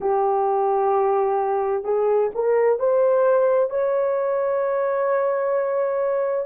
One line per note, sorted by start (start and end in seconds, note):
0.00 1.83 G4
1.83 2.30 G#4
2.34 2.79 A#4
2.79 3.69 C5
3.69 6.45 C#5